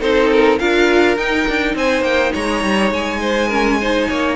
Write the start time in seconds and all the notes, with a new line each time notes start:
0.00 C4 D#4 A4 C5
0.30 A#4
0.59 D4 F4 A#4 F5
1.17 D#4 G5
1.48 D4
1.75 C4 C5 G#5
2.01 A#3 G5
2.33 G#3 C#5 A#5
2.63 G3
2.91 G#3 G#5
3.21 C5
3.48 C#4 A#4
3.81 D#4 C5
4.08 A#3 C#5